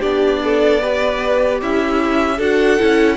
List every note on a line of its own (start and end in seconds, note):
0.00 1.62 B3
0.00 0.80 D4
0.00 0.39 G4
0.00 1.59 D5
0.44 0.82 A4
0.81 2.39 G4
0.81 1.61 B4
1.62 2.39 C#4
1.62 2.37 E4
1.62 2.41 E5
2.37 2.78 D4
2.37 2.79 F#4
2.37 3.16 A4
2.37 3.17 F#5
2.79 3.17 C#4
2.79 3.17 E4